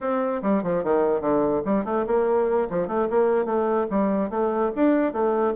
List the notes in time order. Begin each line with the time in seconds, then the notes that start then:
0.00 C4
0.42 G3
0.63 F3
0.83 D#3
1.20 D3
1.65 G3
1.85 A3
2.06 A#3
2.70 F3
2.87 A3
3.09 A#3
3.45 A3
3.90 G3
4.30 A3
4.75 D4
5.12 A3